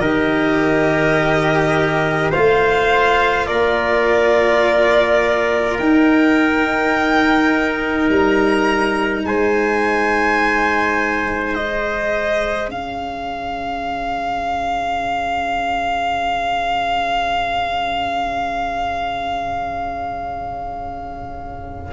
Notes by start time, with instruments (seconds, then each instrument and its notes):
0.00 tuba D#3, cello G4, trumpet A#4, violin D#5
2.31 tuba A3, cello F4, trumpet C5, violin F5
3.47 tuba A#3, trumpet A#4, violin D5
5.79 tuba D#4, cello D#4, violin G5
8.09 tuba G3, violin A#5
9.25 tuba G#3, trumpet C5, violin G#5
11.55 cello G#4, violin D#5
12.68 tuba C#4, trumpet C#5, violin F5